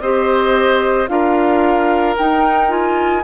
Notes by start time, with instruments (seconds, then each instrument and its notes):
0.00 bassoon C4, clarinet G4, oboe C5, flute D#5
1.08 bassoon D4, clarinet F4, oboe A#4, flute F5
2.18 clarinet D#4, bassoon D#4, flute G5
2.68 clarinet F4, flute G#5